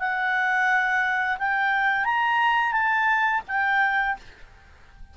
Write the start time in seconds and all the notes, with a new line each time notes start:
0.00 F#5
1.39 G5
2.05 A#5
2.73 A5
3.48 G5